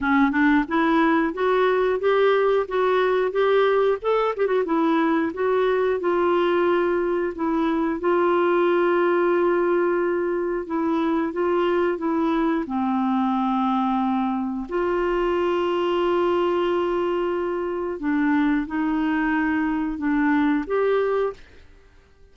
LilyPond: \new Staff \with { instrumentName = "clarinet" } { \time 4/4 \tempo 4 = 90 cis'8 d'8 e'4 fis'4 g'4 | fis'4 g'4 a'8 g'16 fis'16 e'4 | fis'4 f'2 e'4 | f'1 |
e'4 f'4 e'4 c'4~ | c'2 f'2~ | f'2. d'4 | dis'2 d'4 g'4 | }